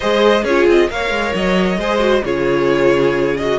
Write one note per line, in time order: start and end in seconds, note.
0.00 0.44 G#3
0.00 0.45 G#4
0.00 0.43 C5
0.00 0.44 D#5
0.43 0.66 C#4
0.43 0.90 F4
0.43 0.87 G#4
0.43 0.66 C#5
0.67 0.89 C4
0.67 0.90 D#5
0.90 1.10 A#3
0.90 1.79 A#4
0.90 1.79 C#5
0.90 1.34 F5
1.10 1.32 G#3
1.34 1.77 F#3
1.34 2.24 D#5
1.77 2.22 G#3
1.77 1.99 G#4
1.77 2.23 C5
1.99 2.21 F#4
2.24 3.58 C#3
2.24 3.36 F4
2.24 3.58 G#4
2.24 3.36 C#5
3.36 3.58 F#4
3.36 3.58 D#5